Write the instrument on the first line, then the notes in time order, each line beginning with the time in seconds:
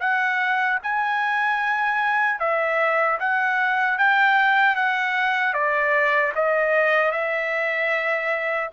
trumpet
0.00 F#5
0.83 G#5
2.40 E5
3.20 F#5
3.98 G5
4.76 F#5
5.54 D5
6.35 D#5
7.12 E5